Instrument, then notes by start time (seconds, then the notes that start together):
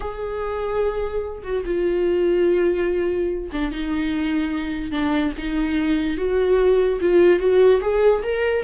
viola
0.00 G#4
1.43 F#4
1.65 F4
3.52 D4
3.71 D#4
4.91 D4
5.38 D#4
6.17 F#4
7.00 F4
7.39 F#4
7.81 G#4
8.22 A#4